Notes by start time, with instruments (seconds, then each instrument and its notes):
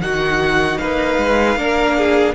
0.00 cello D#3, viola D#4, violin F#4 F#5
0.78 cello A#3, violin B4 F5
1.17 cello G#3
1.56 cello A#3, viola D4, violin A#4
1.97 violin G#4